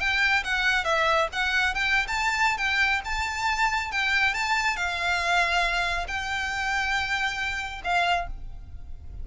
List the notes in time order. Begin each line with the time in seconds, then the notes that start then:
0.00 G5
0.44 F#5
0.84 E5
1.32 F#5
1.74 G5
2.08 A5
2.58 G5
3.05 A5
3.92 G5
4.34 A5
4.76 F5
6.08 G5
7.84 F5